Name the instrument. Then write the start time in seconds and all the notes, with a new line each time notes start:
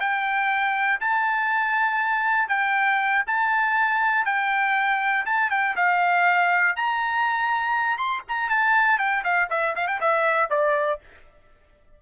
trumpet
0.00 G5
1.00 A5
2.48 G5
3.27 A5
4.25 G5
5.25 A5
5.50 G5
5.76 F5
6.76 A#5
7.97 C6
8.28 A#5
8.50 A5
8.98 G5
9.24 F5
9.50 E5
9.75 F5
9.87 G5
10.00 E5
10.50 D5